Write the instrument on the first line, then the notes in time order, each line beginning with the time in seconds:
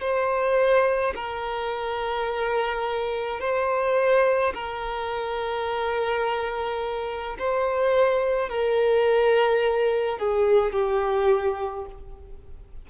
violin
0.00 C5
1.15 A#4
3.40 C5
4.53 A#4
7.38 C5
8.49 A#4
10.18 G#4
10.72 G4